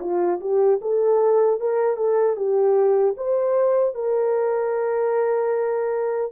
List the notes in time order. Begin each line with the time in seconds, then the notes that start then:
0.00 F4
0.40 G4
0.81 A4
1.60 A#4
1.97 A4
2.36 G4
3.17 C5
3.95 A#4